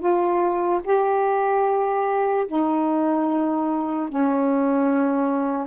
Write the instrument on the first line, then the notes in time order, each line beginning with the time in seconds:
saxophone
0.00 F4
0.84 G4
2.48 D#4
4.09 C#4